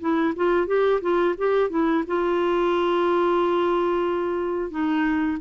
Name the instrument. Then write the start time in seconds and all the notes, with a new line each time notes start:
clarinet
0.00 E4
0.36 F4
0.67 G4
1.01 F4
1.38 G4
1.70 E4
2.07 F4
4.70 D#4